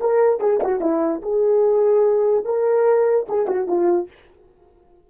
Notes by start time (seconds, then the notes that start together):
0.00 A#4
0.40 G#4
0.63 F#4
0.80 E4
1.21 G#4
2.44 A#4
3.29 G#4
3.47 F#4
3.67 F4